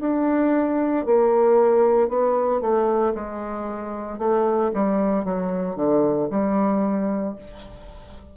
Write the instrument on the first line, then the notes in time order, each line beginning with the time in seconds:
bassoon
0.00 D4
1.05 A#3
2.08 B3
2.60 A3
3.14 G#3
4.18 A3
4.73 G3
5.24 F#3
5.75 D3
6.30 G3